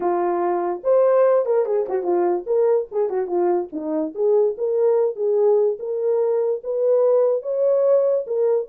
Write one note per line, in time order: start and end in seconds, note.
0.00 0.81 F4
0.83 1.45 C5
1.45 1.65 A#4
1.65 1.86 G#4
1.88 2.03 F#4
2.03 2.44 F4
2.46 2.87 A#4
2.91 3.09 G#4
3.09 3.27 F#4
3.27 3.68 F4
3.72 4.14 D#4
4.14 4.56 G#4
4.57 5.15 A#4
5.15 5.77 G#4
5.79 6.61 A#4
6.63 7.42 B4
7.42 8.25 C#5
8.26 8.68 A#4